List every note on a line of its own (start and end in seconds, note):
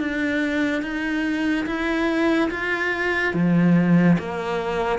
0.00 0.82 D4
0.82 1.66 D#4
1.66 2.50 E4
2.51 3.34 F4
3.34 4.17 F3
4.19 4.99 A#3